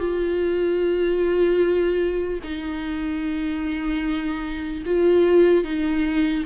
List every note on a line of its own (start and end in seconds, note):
0.00 2.40 F4
2.43 4.83 D#4
4.85 5.64 F4
5.64 6.44 D#4